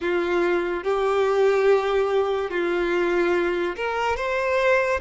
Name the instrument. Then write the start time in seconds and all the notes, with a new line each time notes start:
violin
0.00 F4
0.83 G4
2.50 F4
3.75 A#4
4.16 C5